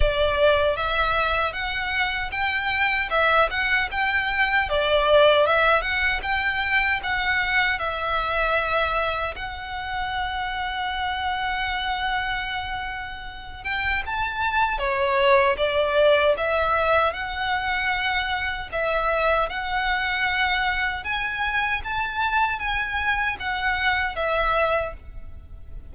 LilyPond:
\new Staff \with { instrumentName = "violin" } { \time 4/4 \tempo 4 = 77 d''4 e''4 fis''4 g''4 | e''8 fis''8 g''4 d''4 e''8 fis''8 | g''4 fis''4 e''2 | fis''1~ |
fis''4. g''8 a''4 cis''4 | d''4 e''4 fis''2 | e''4 fis''2 gis''4 | a''4 gis''4 fis''4 e''4 | }